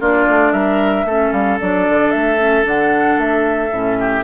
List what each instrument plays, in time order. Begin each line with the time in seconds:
0.00 bassoon A#3, clarinet D4, oboe F4, flute D5
0.28 bassoon A3
0.52 bassoon G3, oboe A#4, flute E5
1.04 bassoon A3, clarinet C#4, oboe A4
1.32 bassoon G3, flute F5
1.60 bassoon F#3, clarinet D4, flute D5
1.89 bassoon D3
2.11 bassoon A3, flute E5
2.38 clarinet C#4
2.63 bassoon D3, clarinet D4, flute F#5
3.17 bassoon A3, flute E5
3.72 bassoon A2, clarinet C#4
3.99 oboe G4